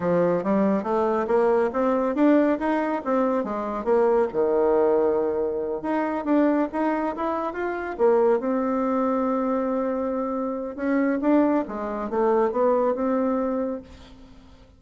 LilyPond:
\new Staff \with { instrumentName = "bassoon" } { \time 4/4 \tempo 4 = 139 f4 g4 a4 ais4 | c'4 d'4 dis'4 c'4 | gis4 ais4 dis2~ | dis4. dis'4 d'4 dis'8~ |
dis'8 e'4 f'4 ais4 c'8~ | c'1~ | c'4 cis'4 d'4 gis4 | a4 b4 c'2 | }